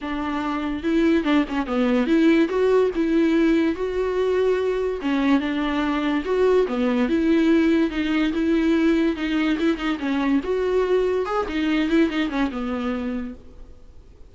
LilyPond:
\new Staff \with { instrumentName = "viola" } { \time 4/4 \tempo 4 = 144 d'2 e'4 d'8 cis'8 | b4 e'4 fis'4 e'4~ | e'4 fis'2. | cis'4 d'2 fis'4 |
b4 e'2 dis'4 | e'2 dis'4 e'8 dis'8 | cis'4 fis'2 gis'8 dis'8~ | dis'8 e'8 dis'8 cis'8 b2 | }